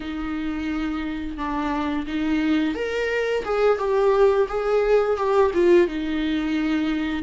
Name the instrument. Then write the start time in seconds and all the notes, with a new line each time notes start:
viola
0.00 D#4
1.37 D4
2.07 D#4
2.74 A#4
3.44 G#4
3.78 G4
4.48 G#4
5.16 G4
5.54 F4
5.87 D#4